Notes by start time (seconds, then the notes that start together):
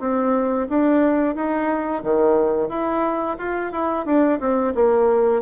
0.00 C4
0.69 D4
1.35 D#4
2.03 D#3
2.68 E4
3.38 F4
3.72 E4
4.05 D4
4.40 C4
4.74 A#3